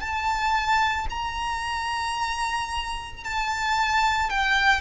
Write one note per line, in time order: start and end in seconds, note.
0.00 1.07 A5
1.10 3.24 A#5
3.24 4.30 A5
4.30 4.81 G5